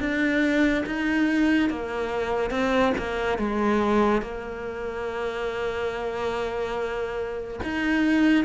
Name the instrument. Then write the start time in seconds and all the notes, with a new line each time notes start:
cello
0.00 D4
0.86 D#4
1.70 A#3
2.51 C4
2.98 A#3
3.39 G#3
4.22 A#3
7.64 D#4